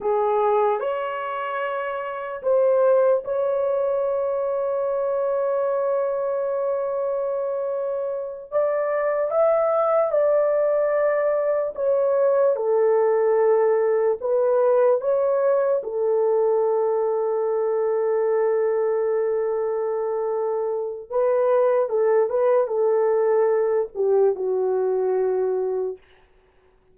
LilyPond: \new Staff \with { instrumentName = "horn" } { \time 4/4 \tempo 4 = 74 gis'4 cis''2 c''4 | cis''1~ | cis''2~ cis''8 d''4 e''8~ | e''8 d''2 cis''4 a'8~ |
a'4. b'4 cis''4 a'8~ | a'1~ | a'2 b'4 a'8 b'8 | a'4. g'8 fis'2 | }